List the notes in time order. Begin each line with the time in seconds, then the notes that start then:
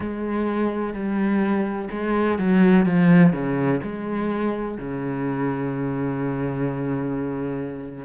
0.00 G#3
0.93 G3
1.90 G#3
2.38 F#3
2.85 F3
3.32 C#3
3.82 G#3
4.77 C#3